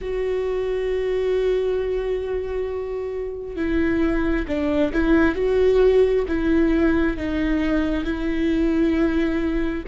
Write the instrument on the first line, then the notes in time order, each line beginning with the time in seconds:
viola
0.01 F#4
3.56 E4
4.47 D4
4.93 E4
5.35 F#4
6.27 E4
7.16 D#4
8.04 E4